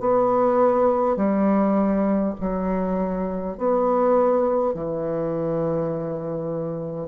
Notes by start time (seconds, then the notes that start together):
0.00 B3
1.17 G3
2.41 F#3
3.58 B3
4.74 E3